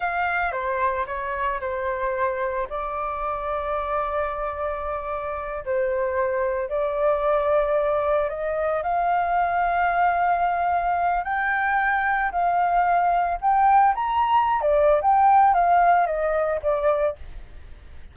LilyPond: \new Staff \with { instrumentName = "flute" } { \time 4/4 \tempo 4 = 112 f''4 c''4 cis''4 c''4~ | c''4 d''2.~ | d''2~ d''8 c''4.~ | c''8 d''2. dis''8~ |
dis''8 f''2.~ f''8~ | f''4 g''2 f''4~ | f''4 g''4 ais''4~ ais''16 d''8. | g''4 f''4 dis''4 d''4 | }